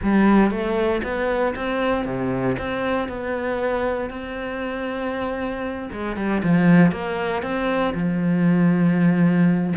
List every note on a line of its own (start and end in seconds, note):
0.03 0.50 G3
0.50 1.02 A3
1.03 1.54 B3
1.55 2.05 C4
2.05 2.56 C3
2.58 3.08 C4
3.08 4.10 B3
4.10 5.89 C4
5.92 6.16 G#3
6.16 6.41 G3
6.43 6.91 F3
6.91 7.42 A#3
7.42 7.93 C4
7.93 9.73 F3